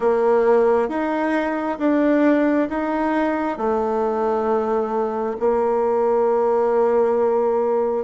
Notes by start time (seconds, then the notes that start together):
0.00 A#3
0.88 D#4
1.79 D4
2.69 D#4
3.57 A3
5.39 A#3